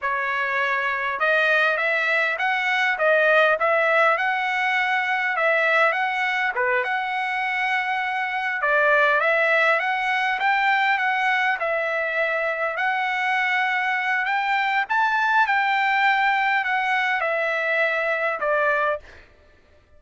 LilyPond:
\new Staff \with { instrumentName = "trumpet" } { \time 4/4 \tempo 4 = 101 cis''2 dis''4 e''4 | fis''4 dis''4 e''4 fis''4~ | fis''4 e''4 fis''4 b'8 fis''8~ | fis''2~ fis''8 d''4 e''8~ |
e''8 fis''4 g''4 fis''4 e''8~ | e''4. fis''2~ fis''8 | g''4 a''4 g''2 | fis''4 e''2 d''4 | }